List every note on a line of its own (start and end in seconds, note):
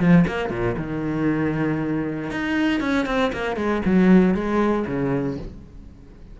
0.00 0.26 F3
0.28 0.50 A#3
0.50 0.76 A#2
0.77 2.31 D#3
2.31 2.81 D#4
2.81 3.06 C#4
3.06 3.32 C4
3.33 3.57 A#3
3.57 3.83 G#3
3.86 4.35 F#3
4.35 4.86 G#3
4.87 5.38 C#3